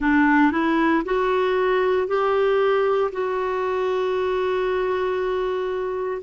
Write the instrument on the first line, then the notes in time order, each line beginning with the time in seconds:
clarinet
0.00 D4
0.51 E4
1.04 F#4
2.07 G4
3.11 F#4